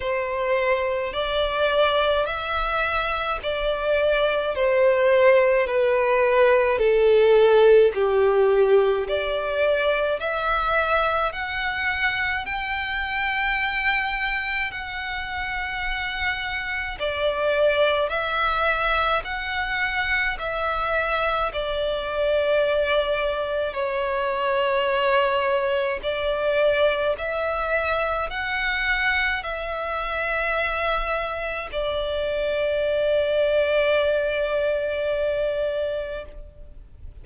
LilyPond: \new Staff \with { instrumentName = "violin" } { \time 4/4 \tempo 4 = 53 c''4 d''4 e''4 d''4 | c''4 b'4 a'4 g'4 | d''4 e''4 fis''4 g''4~ | g''4 fis''2 d''4 |
e''4 fis''4 e''4 d''4~ | d''4 cis''2 d''4 | e''4 fis''4 e''2 | d''1 | }